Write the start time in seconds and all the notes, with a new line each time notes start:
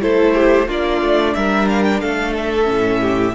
0.00 A3 E4 A4 C5
0.34 G4
0.67 A#3 D4 F4 D5
1.01 A3
1.34 G3 A#4 E5
1.68 F5
1.83 G5
2.00 A3 A4 F5
2.37 E5
2.63 A2 C#4
3.01 G4